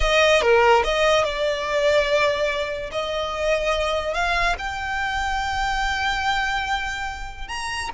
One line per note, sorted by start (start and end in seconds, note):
0.00 0.41 D#5
0.41 0.83 A#4
0.84 1.23 D#5
1.23 2.90 D5
2.91 4.14 D#5
4.14 4.55 F5
4.58 7.48 G5
7.48 7.89 A#5